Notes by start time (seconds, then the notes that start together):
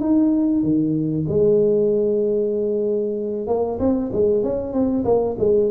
0.00 D#4
0.63 D#3
1.28 G#3
3.47 A#3
3.79 C4
4.12 G#3
4.43 C#4
4.73 C4
5.04 A#3
5.38 G#3